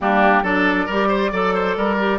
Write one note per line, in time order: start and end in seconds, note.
0.00 0.42 G3
0.00 0.44 A#3
0.00 0.42 D4
0.00 0.44 G4
0.42 0.86 F#3
0.42 0.88 D4
0.42 0.86 A4
0.42 2.19 D5
0.86 1.32 G3
0.86 1.31 G4
0.86 1.08 A#4
1.08 1.30 C5
1.31 1.76 F#3
1.31 1.98 A4
1.31 1.54 D5
1.54 1.76 C5
1.77 2.19 G3
1.77 2.19 A#4
1.98 2.19 G4